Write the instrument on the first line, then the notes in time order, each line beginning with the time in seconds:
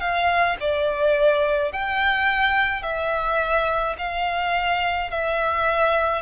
violin
0.00 F5
0.60 D5
1.72 G5
2.82 E5
3.98 F5
5.10 E5